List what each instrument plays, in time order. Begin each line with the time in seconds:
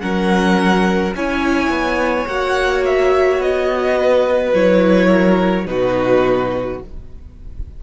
0.00 cello F#3, viola C#4, violin A#4 F#5
1.15 cello C#4, viola E4, violin C#5 G#5
1.70 cello B3
2.27 cello A#3, viola F#4, violin F#5
2.85 violin E5
3.39 cello B3, violin D#5
3.97 violin B4
4.54 cello F#3, viola E4, violin C#5
5.08 violin A#4
5.66 cello B2, viola D#4, violin F#4 B4